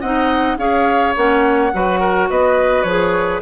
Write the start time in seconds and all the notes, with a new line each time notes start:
0.00 C4 D#4 D#5 F#5
0.57 C#4 G#4 C#5 F5
1.15 A#3 C#4 F#5
1.73 F#3 F#4 B4
2.00 A#4
2.29 B3 B4 D#5
2.82 F3 G#4 C#5